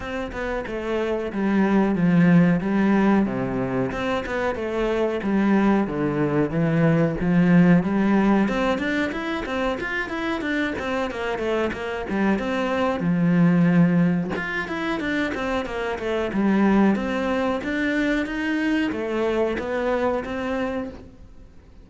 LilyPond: \new Staff \with { instrumentName = "cello" } { \time 4/4 \tempo 4 = 92 c'8 b8 a4 g4 f4 | g4 c4 c'8 b8 a4 | g4 d4 e4 f4 | g4 c'8 d'8 e'8 c'8 f'8 e'8 |
d'8 c'8 ais8 a8 ais8 g8 c'4 | f2 f'8 e'8 d'8 c'8 | ais8 a8 g4 c'4 d'4 | dis'4 a4 b4 c'4 | }